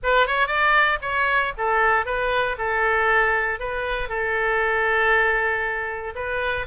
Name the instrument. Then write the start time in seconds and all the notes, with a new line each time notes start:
oboe
0.03 B4
0.26 C#5
0.47 D5
1.01 C#5
1.57 A4
2.05 B4
2.58 A4
3.59 B4
4.08 A4
6.15 B4